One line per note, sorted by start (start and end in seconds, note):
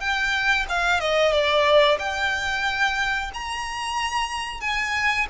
0.00 0.66 G5
0.69 1.00 F5
1.00 1.32 D#5
1.32 1.98 D5
1.99 3.31 G5
3.34 4.61 A#5
4.61 5.27 G#5